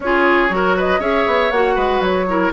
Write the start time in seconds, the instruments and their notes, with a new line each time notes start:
0.00 bassoon C#4, clarinet F4, oboe G#4, flute C#5
0.49 bassoon F#3, clarinet F#4, oboe A#4
0.76 oboe B4, flute D#5
0.99 bassoon C#4, clarinet G#4, oboe C#5, flute E5
1.26 bassoon B3
1.51 bassoon A#3, clarinet F#4, flute F#5
1.74 bassoon G#3, oboe B4
2.00 bassoon F#3, flute C#5
2.28 clarinet E4, oboe A#4